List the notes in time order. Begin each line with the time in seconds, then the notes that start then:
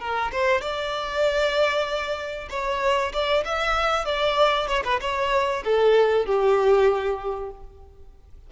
0.00 A#4
0.32 C5
0.61 D5
2.50 C#5
3.13 D5
3.45 E5
4.05 D5
4.67 C#5
4.84 B4
5.01 C#5
5.64 A4
6.25 G4